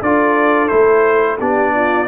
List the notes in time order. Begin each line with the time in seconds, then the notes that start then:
0.00 D4 F4 A4 D5
0.68 A3 E4 C5
1.38 B3 D4 G4 D5
1.75 F4